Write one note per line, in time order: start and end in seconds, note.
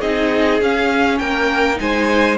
0.00 0.61 C4
0.00 0.61 D#4
0.00 1.19 G#4
0.00 0.61 D#5
0.61 1.20 C#4
0.61 1.76 C#4
0.61 1.19 F5
1.19 1.80 A#3
1.19 1.79 A#4
1.19 1.78 G5
1.76 2.38 G#3
1.76 2.35 D#4
1.76 2.38 C5
1.76 2.38 G#5